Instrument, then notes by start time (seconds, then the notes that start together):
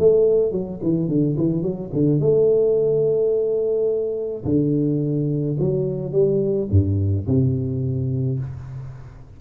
tuba
0.00 A3
0.52 F#3
0.83 E3
1.09 D3
1.38 E3
1.63 F#3
1.93 D3
2.20 A3
4.45 D3
5.60 F#3
6.13 G3
6.71 G2
7.28 C3